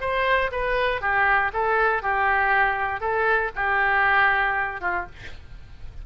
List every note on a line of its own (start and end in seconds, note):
0.00 0.50 C5
0.51 1.01 B4
1.01 1.51 G4
1.53 2.02 A4
2.02 3.00 G4
3.00 3.50 A4
3.55 4.81 G4
4.81 5.06 F4